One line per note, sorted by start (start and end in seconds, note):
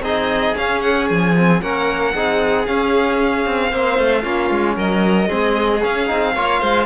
0.00 0.53 C4
0.00 0.55 D#4
0.00 1.61 G#4
0.00 0.57 D#5
0.55 1.34 C#4
0.55 1.10 C#4
0.55 0.81 F5
0.81 1.07 F#5
1.10 1.62 F3
1.10 1.62 G#5
1.37 1.62 C4
1.62 2.14 A#3
1.62 2.14 C#4
1.62 2.14 A#4
1.62 2.66 F#5
2.14 2.67 C4
2.14 2.67 D#4
2.14 3.71 G#4
2.66 3.72 C#4
2.66 3.46 C#4
2.66 4.76 F5
3.46 3.72 C4
3.71 3.98 A#3
3.71 4.22 C4
3.71 4.22 C5
3.99 4.24 A3
4.22 4.50 A#3
4.22 5.27 C#4
4.22 4.75 F4
4.50 4.77 G#3
4.76 5.30 F#3
4.76 5.28 A#4
4.76 5.84 D#5
5.28 5.84 G#3
5.28 5.80 C4
5.28 6.33 G#4
5.82 6.07 C#4
5.82 6.10 C#4
5.82 6.86 F5
6.07 6.36 C4
6.07 6.33 D#4
6.35 6.62 A#3
6.35 6.86 F4
6.35 6.60 C#5
6.60 6.86 G#3
6.60 6.86 C5